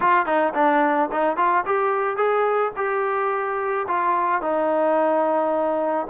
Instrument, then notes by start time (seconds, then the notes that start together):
trombone
0.00 F4
0.26 D#4
0.54 D4
1.12 D#4
1.36 F4
1.65 G4
2.16 G#4
2.76 G4
3.87 F4
4.41 D#4